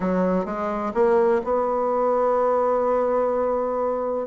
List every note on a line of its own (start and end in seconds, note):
0.00 0.45 F#3
0.45 0.92 G#3
0.94 1.41 A#3
1.44 4.26 B3